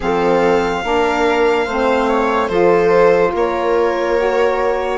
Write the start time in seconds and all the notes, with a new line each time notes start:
0.00 F3 C4 A4 F5
0.83 A#3 D4 A#4
1.65 A3 C4 C5
2.07 C#5
2.48 F3 F4 A4 C5
3.32 A#3 A#4 C#5
4.17 F#4